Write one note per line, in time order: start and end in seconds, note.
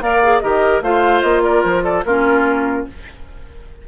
0.00 0.41 A#3
0.00 0.21 A#4
0.00 0.43 D5
0.00 0.40 F5
0.23 0.42 G#4
0.40 0.81 D#3
0.40 0.82 G4
0.40 0.83 A#4
0.40 0.81 D#5
0.81 1.22 A3
0.81 2.05 F4
0.81 1.43 C5
0.81 1.21 F5
1.21 1.64 A#3
1.21 1.41 D#5
1.43 1.83 A#4
1.43 1.62 D5
1.62 2.05 F3
1.62 1.82 C5
1.83 2.04 A4
1.83 2.03 D5
2.05 2.86 A#3
2.05 2.87 C#4
2.05 2.87 F4
2.05 2.86 A#4